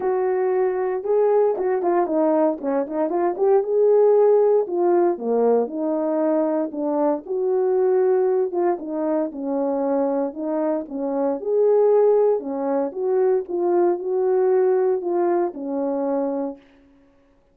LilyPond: \new Staff \with { instrumentName = "horn" } { \time 4/4 \tempo 4 = 116 fis'2 gis'4 fis'8 f'8 | dis'4 cis'8 dis'8 f'8 g'8 gis'4~ | gis'4 f'4 ais4 dis'4~ | dis'4 d'4 fis'2~ |
fis'8 f'8 dis'4 cis'2 | dis'4 cis'4 gis'2 | cis'4 fis'4 f'4 fis'4~ | fis'4 f'4 cis'2 | }